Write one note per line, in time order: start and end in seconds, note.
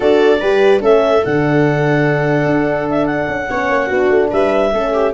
0.00 0.41 D4
0.00 0.39 F#4
0.00 0.39 A4
0.00 0.82 D5
0.39 0.82 G3
0.39 0.80 G4
0.39 0.81 B4
0.80 1.23 A3
0.80 1.21 C#4
0.80 3.48 A4
0.80 1.24 E5
1.24 2.45 D3
1.24 3.50 D4
1.24 2.89 F#5
2.45 3.27 D4
2.89 3.06 E5
3.06 4.29 F#5
3.28 3.48 C#4
3.49 3.69 B3
3.49 3.90 C#4
3.49 3.86 C#5
3.69 3.90 A#3
3.86 4.09 B3
3.86 4.72 D4
3.86 4.27 F#4
4.09 4.30 A3
4.30 4.72 G3
4.30 4.71 B4
4.30 5.14 E5
4.72 5.13 A3
4.72 5.14 C#4
4.72 4.93 A4
4.93 5.14 G4